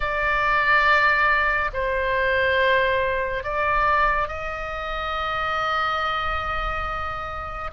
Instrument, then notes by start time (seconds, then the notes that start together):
oboe
0.00 D5
1.73 C5
3.43 D5
4.28 D#5